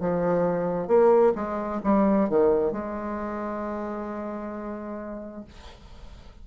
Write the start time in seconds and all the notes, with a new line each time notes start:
0.00 F3
0.88 A#3
1.35 G#3
1.83 G3
2.29 D#3
2.72 G#3